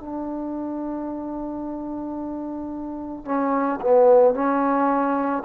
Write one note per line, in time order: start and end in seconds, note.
0.00 3.26 D4
3.26 3.80 C#4
3.81 4.34 B3
4.34 5.43 C#4